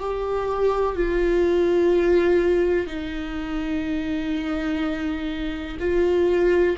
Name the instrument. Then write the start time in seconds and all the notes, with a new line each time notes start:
viola
0.00 G4
0.97 F4
2.87 D#4
5.80 F4